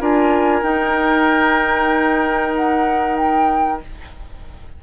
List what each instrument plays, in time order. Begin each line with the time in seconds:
0.00 bassoon D4, clarinet F4, oboe A#4, flute G#5
0.62 clarinet D#4, bassoon D#4, flute G5
2.55 flute F#5
3.16 flute G5